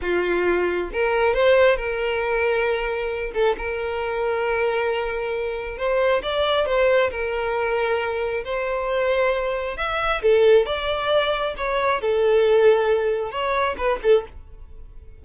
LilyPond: \new Staff \with { instrumentName = "violin" } { \time 4/4 \tempo 4 = 135 f'2 ais'4 c''4 | ais'2.~ ais'8 a'8 | ais'1~ | ais'4 c''4 d''4 c''4 |
ais'2. c''4~ | c''2 e''4 a'4 | d''2 cis''4 a'4~ | a'2 cis''4 b'8 a'8 | }